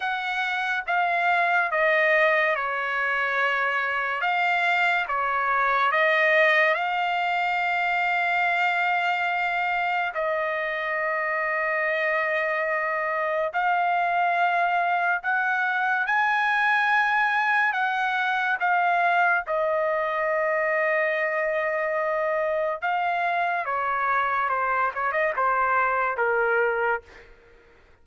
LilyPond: \new Staff \with { instrumentName = "trumpet" } { \time 4/4 \tempo 4 = 71 fis''4 f''4 dis''4 cis''4~ | cis''4 f''4 cis''4 dis''4 | f''1 | dis''1 |
f''2 fis''4 gis''4~ | gis''4 fis''4 f''4 dis''4~ | dis''2. f''4 | cis''4 c''8 cis''16 dis''16 c''4 ais'4 | }